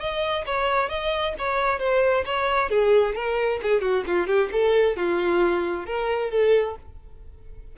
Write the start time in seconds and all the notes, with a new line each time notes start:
0.00 D#5
0.46 C#5
0.89 D#5
1.38 C#5
1.79 C5
2.25 C#5
2.70 G#4
3.15 A#4
3.63 G#4
3.81 F#4
4.07 F4
4.27 G4
4.52 A4
4.96 F4
5.86 A#4
6.31 A4